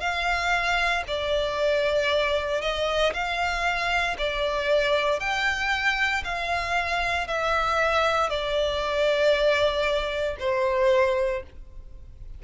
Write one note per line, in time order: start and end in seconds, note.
0.00 1.03 F5
1.07 2.61 D5
2.61 3.13 D#5
3.13 4.17 F5
4.18 5.20 D5
5.20 6.24 G5
6.24 7.27 F5
7.27 8.30 E5
8.30 10.37 D5
10.39 11.43 C5